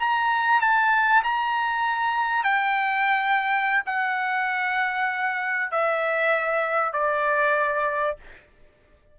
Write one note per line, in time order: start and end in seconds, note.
0.00 0.61 A#5
0.61 1.23 A5
1.24 2.44 A#5
2.44 3.83 G5
3.86 5.72 F#5
5.72 6.93 E5
6.93 8.17 D5